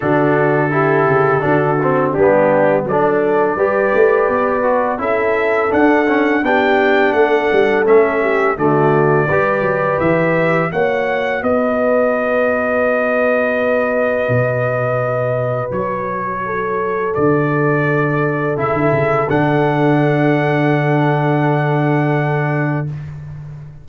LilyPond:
<<
  \new Staff \with { instrumentName = "trumpet" } { \time 4/4 \tempo 4 = 84 a'2. g'4 | d''2. e''4 | fis''4 g''4 fis''4 e''4 | d''2 e''4 fis''4 |
dis''1~ | dis''2 cis''2 | d''2 e''4 fis''4~ | fis''1 | }
  \new Staff \with { instrumentName = "horn" } { \time 4/4 fis'4 g'4 fis'4 d'4 | a'4 b'2 a'4~ | a'4 g'4 a'4. g'8 | fis'4 b'2 cis''4 |
b'1~ | b'2. a'4~ | a'1~ | a'1 | }
  \new Staff \with { instrumentName = "trombone" } { \time 4/4 d'4 e'4 d'8 c'8 b4 | d'4 g'4. fis'8 e'4 | d'8 cis'8 d'2 cis'4 | a4 g'2 fis'4~ |
fis'1~ | fis'1~ | fis'2 e'4 d'4~ | d'1 | }
  \new Staff \with { instrumentName = "tuba" } { \time 4/4 d4. cis8 d4 g4 | fis4 g8 a8 b4 cis'4 | d'4 b4 a8 g8 a4 | d4 g8 fis8 e4 ais4 |
b1 | b,2 fis2 | d2 cis16 d16 cis8 d4~ | d1 | }
>>